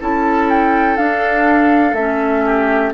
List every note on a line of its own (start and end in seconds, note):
0.00 0.98 C#4
0.00 0.97 E4
0.00 2.45 A4
0.00 0.50 A5
0.50 0.97 G5
0.97 1.96 D4
0.97 1.93 D4
0.97 1.94 F5
1.93 2.91 A3
1.93 2.93 C#4
1.93 2.93 E5
2.45 2.93 G4